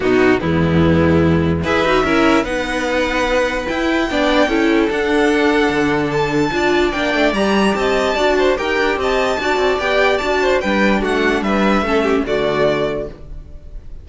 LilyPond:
<<
  \new Staff \with { instrumentName = "violin" } { \time 4/4 \tempo 4 = 147 fis'4 e'2. | e''2 fis''2~ | fis''4 g''2. | fis''2. a''4~ |
a''4 g''4 ais''4 a''4~ | a''4 g''4 a''2 | g''4 a''4 g''4 fis''4 | e''2 d''2 | }
  \new Staff \with { instrumentName = "violin" } { \time 4/4 dis'4 b2. | b'4 ais'4 b'2~ | b'2 d''4 a'4~ | a'1 |
d''2. dis''4 | d''8 c''8 ais'4 dis''4 d''4~ | d''4. c''8 b'4 fis'4 | b'4 a'8 g'8 fis'2 | }
  \new Staff \with { instrumentName = "viola" } { \time 4/4 b4 gis2. | gis'8 fis'8 e'4 dis'2~ | dis'4 e'4 d'4 e'4 | d'1 |
f'4 d'4 g'2 | fis'4 g'2 fis'4 | g'4 fis'4 d'2~ | d'4 cis'4 a2 | }
  \new Staff \with { instrumentName = "cello" } { \time 4/4 b,4 e,2. | e'8 dis'8 cis'4 b2~ | b4 e'4 b4 cis'4 | d'2 d2 |
d'4 ais8 a8 g4 c'4 | d'4 dis'8 d'8 c'4 d'8 c'8 | b4 d'4 g4 a4 | g4 a4 d2 | }
>>